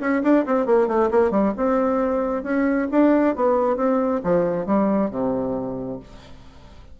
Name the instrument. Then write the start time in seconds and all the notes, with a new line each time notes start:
bassoon
0.00 C#4
0.23 D4
0.45 C4
0.66 A#3
0.87 A3
1.11 A#3
1.31 G3
1.56 C4
2.43 C#4
2.91 D4
3.35 B3
3.76 C4
4.23 F3
4.66 G3
5.10 C3